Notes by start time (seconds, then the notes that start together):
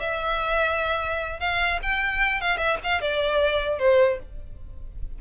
0.00 E5
1.40 F5
1.83 G5
2.41 F5
2.58 E5
2.84 F5
3.01 D5
3.79 C5